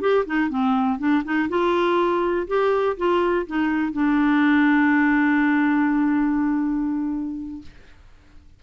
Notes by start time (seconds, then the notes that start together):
0.00 G4
0.25 D#4
0.49 C4
0.98 D4
1.24 D#4
1.48 F4
2.47 G4
2.97 F4
3.46 D#4
3.92 D4